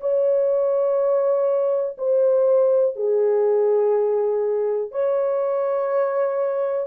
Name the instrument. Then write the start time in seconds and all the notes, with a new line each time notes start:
horn
0.00 C#5
1.98 C5
2.96 G#4
4.91 C#5